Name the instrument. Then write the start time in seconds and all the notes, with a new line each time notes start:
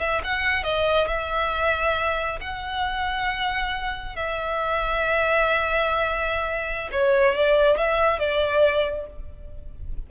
violin
0.00 E5
0.24 F#5
0.64 D#5
1.08 E5
2.41 F#5
4.16 E5
6.92 C#5
7.35 D5
7.78 E5
8.19 D5